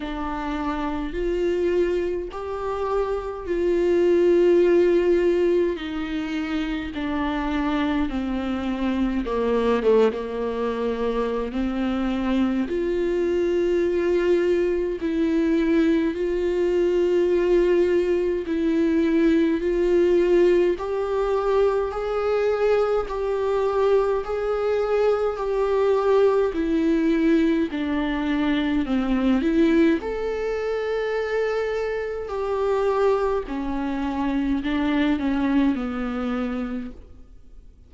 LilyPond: \new Staff \with { instrumentName = "viola" } { \time 4/4 \tempo 4 = 52 d'4 f'4 g'4 f'4~ | f'4 dis'4 d'4 c'4 | ais8 a16 ais4~ ais16 c'4 f'4~ | f'4 e'4 f'2 |
e'4 f'4 g'4 gis'4 | g'4 gis'4 g'4 e'4 | d'4 c'8 e'8 a'2 | g'4 cis'4 d'8 cis'8 b4 | }